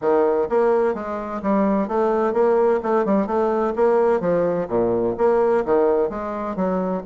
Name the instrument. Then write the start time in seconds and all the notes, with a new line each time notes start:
bassoon
0.01 D#3
0.49 A#3
0.94 G#3
1.42 G3
1.87 A3
2.33 A#3
2.82 A3
3.05 G3
3.26 A3
3.75 A#3
4.20 F3
4.68 A#2
5.17 A#3
5.65 D#3
6.09 G#3
6.56 F#3